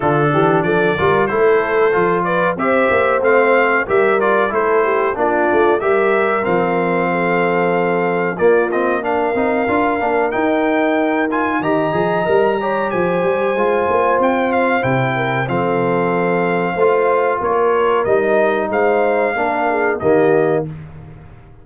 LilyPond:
<<
  \new Staff \with { instrumentName = "trumpet" } { \time 4/4 \tempo 4 = 93 a'4 d''4 c''4. d''8 | e''4 f''4 e''8 d''8 c''4 | d''4 e''4 f''2~ | f''4 d''8 dis''8 f''2 |
g''4. gis''8 ais''2 | gis''2 g''8 f''8 g''4 | f''2. cis''4 | dis''4 f''2 dis''4 | }
  \new Staff \with { instrumentName = "horn" } { \time 4/4 f'8 g'8 a'8 ais'8 a'4. b'8 | c''2 ais'4 a'8 g'8 | f'4 ais'2 a'4~ | a'4 f'4 ais'2~ |
ais'2 dis''4. cis''8 | c''2.~ c''8 ais'8 | a'2 c''4 ais'4~ | ais'4 c''4 ais'8 gis'8 g'4 | }
  \new Staff \with { instrumentName = "trombone" } { \time 4/4 d'4. f'8 e'4 f'4 | g'4 c'4 g'8 f'8 e'4 | d'4 g'4 c'2~ | c'4 ais8 c'8 d'8 dis'8 f'8 d'8 |
dis'4. f'8 g'8 gis'8 ais'8 g'8~ | g'4 f'2 e'4 | c'2 f'2 | dis'2 d'4 ais4 | }
  \new Staff \with { instrumentName = "tuba" } { \time 4/4 d8 e8 f8 g8 a4 f4 | c'8 ais8 a4 g4 a4 | ais8 a8 g4 f2~ | f4 ais4. c'8 d'8 ais8 |
dis'2 dis8 f8 g4 | f8 g8 gis8 ais8 c'4 c4 | f2 a4 ais4 | g4 gis4 ais4 dis4 | }
>>